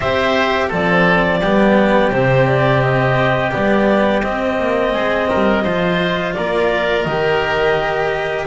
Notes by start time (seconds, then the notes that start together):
0.00 C4 G4 C5 E5
0.68 F3 C4 A4 D5
1.40 G3 B3 G4
2.11 C3 C4 C5
2.47 D5
2.82 D#5
3.51 G3 B3 D5
4.22 C4 D#5
4.58 A#3
4.92 G#3 G#4
5.28 G3 A#4
5.63 F3 F4 C5
6.33 A#3 A#4 D5
7.03 D#3 G4 D#5